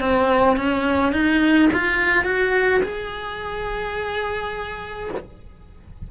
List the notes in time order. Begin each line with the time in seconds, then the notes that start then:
0.00 C4
0.57 C#4
1.13 D#4
1.73 F4
2.25 F#4
2.83 G#4